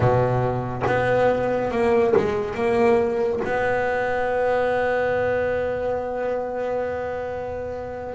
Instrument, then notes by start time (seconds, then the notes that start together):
double bass
0.00 B2
0.86 B3
1.71 A#3
2.16 G#3
2.54 A#3
3.44 B3